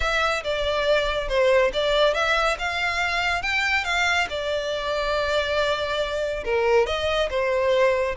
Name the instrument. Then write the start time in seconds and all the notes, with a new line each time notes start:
violin
0.00 E5
0.43 D5
1.28 C5
1.73 D5
2.14 E5
2.58 F5
3.42 G5
3.84 F5
4.29 D5
6.44 A#4
6.86 D#5
7.30 C5